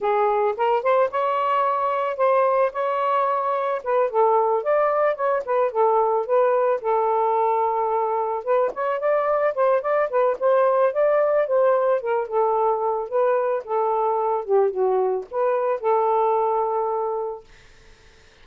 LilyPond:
\new Staff \with { instrumentName = "saxophone" } { \time 4/4 \tempo 4 = 110 gis'4 ais'8 c''8 cis''2 | c''4 cis''2 b'8 a'8~ | a'8 d''4 cis''8 b'8 a'4 b'8~ | b'8 a'2. b'8 |
cis''8 d''4 c''8 d''8 b'8 c''4 | d''4 c''4 ais'8 a'4. | b'4 a'4. g'8 fis'4 | b'4 a'2. | }